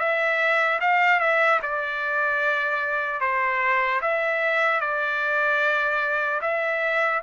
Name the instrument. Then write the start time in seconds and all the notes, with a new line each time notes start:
trumpet
0.00 E5
0.81 F5
1.20 E5
1.63 D5
3.21 C5
4.02 E5
4.81 D5
6.42 E5